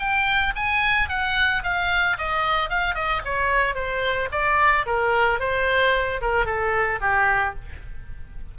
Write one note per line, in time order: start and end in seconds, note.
0.00 0.54 G5
0.56 1.09 G#5
1.09 1.63 F#5
1.64 2.18 F5
2.19 2.70 D#5
2.70 2.95 F5
2.95 3.22 D#5
3.25 3.75 C#5
3.75 4.29 C5
4.32 4.86 D5
4.86 5.40 A#4
5.40 6.21 C5
6.22 6.46 A#4
6.46 7.00 A4
7.01 7.55 G4